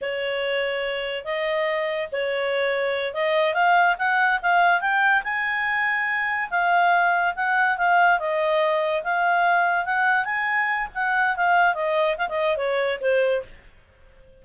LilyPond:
\new Staff \with { instrumentName = "clarinet" } { \time 4/4 \tempo 4 = 143 cis''2. dis''4~ | dis''4 cis''2~ cis''8 dis''8~ | dis''8 f''4 fis''4 f''4 g''8~ | g''8 gis''2. f''8~ |
f''4. fis''4 f''4 dis''8~ | dis''4. f''2 fis''8~ | fis''8 gis''4. fis''4 f''4 | dis''4 f''16 dis''8. cis''4 c''4 | }